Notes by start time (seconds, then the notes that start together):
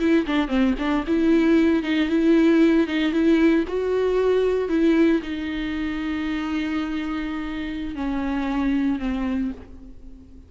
0.00 E4
0.27 D4
0.48 C4
0.78 D4
1.07 E4
1.83 D#4
2.09 E4
2.87 D#4
3.13 E4
3.68 F#4
4.69 E4
5.22 D#4
7.95 C#4
8.99 C4